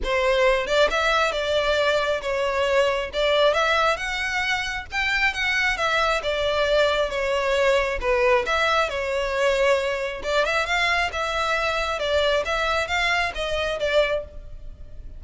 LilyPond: \new Staff \with { instrumentName = "violin" } { \time 4/4 \tempo 4 = 135 c''4. d''8 e''4 d''4~ | d''4 cis''2 d''4 | e''4 fis''2 g''4 | fis''4 e''4 d''2 |
cis''2 b'4 e''4 | cis''2. d''8 e''8 | f''4 e''2 d''4 | e''4 f''4 dis''4 d''4 | }